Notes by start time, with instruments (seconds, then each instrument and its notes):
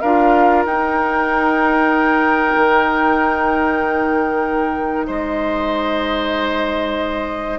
0.00 bassoon D4, clarinet F4, oboe A#4, flute F5
0.65 bassoon D#4, clarinet D#4, flute G5
2.55 bassoon D#3
5.07 bassoon G#3, oboe C5, flute D#5